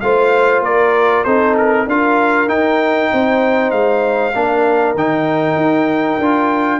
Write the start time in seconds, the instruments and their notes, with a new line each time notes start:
0.00 tuba A3, trombone F4, horn C5, trumpet F5
0.61 tuba A#3, horn A#4, trumpet D5
1.24 tuba C4, trombone D#4, horn A4, trumpet C5
1.57 trumpet A#4
1.86 tuba D4, trombone F4, horn A#4, trumpet F5
2.47 trombone D#4, tuba D#4, trumpet G5
3.12 tuba C4, horn C5
3.71 tuba G#3, trumpet F5
4.34 tuba A#3, trombone D4, horn A#4
4.94 tuba D#3, trombone D#4, trumpet G5
5.56 tuba D#4
6.18 tuba D4, trombone F4